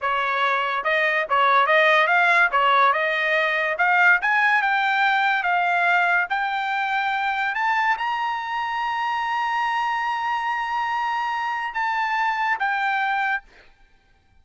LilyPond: \new Staff \with { instrumentName = "trumpet" } { \time 4/4 \tempo 4 = 143 cis''2 dis''4 cis''4 | dis''4 f''4 cis''4 dis''4~ | dis''4 f''4 gis''4 g''4~ | g''4 f''2 g''4~ |
g''2 a''4 ais''4~ | ais''1~ | ais''1 | a''2 g''2 | }